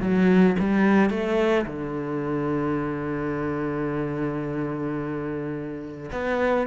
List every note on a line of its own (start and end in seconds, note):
0.00 0.56 F#3
0.59 1.10 G3
1.10 1.65 A3
1.66 6.10 D3
6.12 6.67 B3